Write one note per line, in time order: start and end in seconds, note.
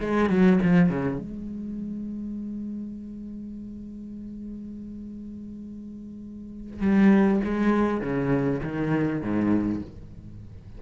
0.00 0.29 G#3
0.29 0.59 F#3
0.62 0.89 F3
0.89 1.19 C#3
1.19 6.81 G#3
6.81 7.40 G3
7.44 8.00 G#3
8.00 8.60 C#3
8.63 9.22 D#3
9.22 9.82 G#2